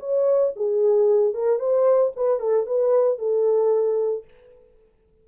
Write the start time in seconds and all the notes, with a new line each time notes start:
0.00 C#5
0.57 G#4
1.34 A#4
1.60 C5
2.16 B4
2.40 A4
2.67 B4
3.19 A4